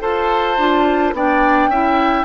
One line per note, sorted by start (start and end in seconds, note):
0.00 0.58 F4
0.00 0.57 A4
0.00 1.14 C5
0.00 1.15 A5
0.58 1.13 D4
0.58 1.15 F4
1.13 1.68 B3
1.13 1.71 D4
1.13 1.70 D5
1.13 2.25 G5
1.68 2.24 C#4
1.68 2.25 E4
1.68 2.25 E5